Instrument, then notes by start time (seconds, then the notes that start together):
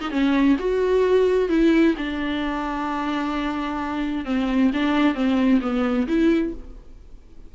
viola
0.00 D#4
0.11 C#4
0.59 F#4
1.49 E4
1.97 D4
4.25 C4
4.73 D4
5.14 C4
5.61 B3
6.07 E4